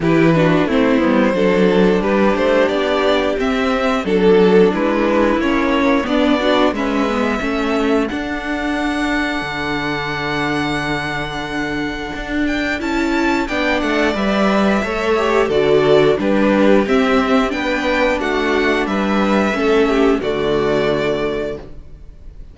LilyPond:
<<
  \new Staff \with { instrumentName = "violin" } { \time 4/4 \tempo 4 = 89 b'4 c''2 b'8 c''8 | d''4 e''4 a'4 b'4 | cis''4 d''4 e''2 | fis''1~ |
fis''2~ fis''8 g''8 a''4 | g''8 fis''8 e''2 d''4 | b'4 e''4 g''4 fis''4 | e''2 d''2 | }
  \new Staff \with { instrumentName = "violin" } { \time 4/4 g'8 fis'8 e'4 a'4 g'4~ | g'2 a'4 e'4~ | e'4 d'8 fis'8 b'4 a'4~ | a'1~ |
a'1 | d''2 cis''4 a'4 | g'2 b'4 fis'4 | b'4 a'8 g'8 fis'2 | }
  \new Staff \with { instrumentName = "viola" } { \time 4/4 e'8 d'8 c'8 b8 d'2~ | d'4 c'4 d'2 | cis'4 b8 d'8 cis'8 b8 cis'4 | d'1~ |
d'2. e'4 | d'4 b'4 a'8 g'8 fis'4 | d'4 c'4 d'2~ | d'4 cis'4 a2 | }
  \new Staff \with { instrumentName = "cello" } { \time 4/4 e4 a8 g8 fis4 g8 a8 | b4 c'4 fis4 gis4 | ais4 b4 gis4 a4 | d'2 d2~ |
d2 d'4 cis'4 | b8 a8 g4 a4 d4 | g4 c'4 b4 a4 | g4 a4 d2 | }
>>